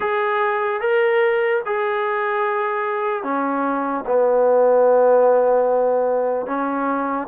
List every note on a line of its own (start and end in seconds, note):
0.00 0.80 G#4
0.81 1.62 A#4
1.65 3.23 G#4
3.23 4.04 C#4
4.06 6.46 B3
6.46 7.27 C#4